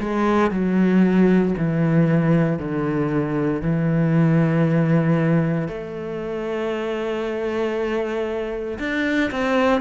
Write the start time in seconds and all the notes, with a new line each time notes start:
0.00 G#3
0.51 F#3
1.58 E3
2.59 D3
3.62 E3
5.68 A3
8.79 D4
9.32 C4